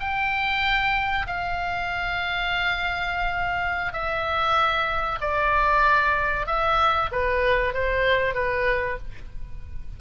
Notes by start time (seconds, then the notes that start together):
0.00 G5
1.27 F5
3.92 E5
5.21 D5
6.47 E5
7.11 B4
7.74 C5
8.35 B4